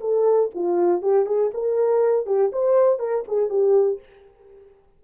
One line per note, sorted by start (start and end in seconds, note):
0.00 0.50 A4
0.54 1.01 F4
1.01 1.26 G4
1.26 1.51 G#4
1.54 2.26 A#4
2.26 2.51 G4
2.52 2.99 C5
2.99 3.24 A#4
3.27 3.49 G#4
3.49 3.99 G4